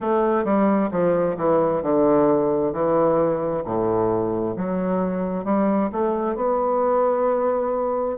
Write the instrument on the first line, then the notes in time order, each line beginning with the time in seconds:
bassoon
0.00 A3
0.44 G3
0.91 F3
1.36 E3
1.82 D3
2.72 E3
3.64 A2
4.56 F#3
5.44 G3
5.92 A3
6.35 B3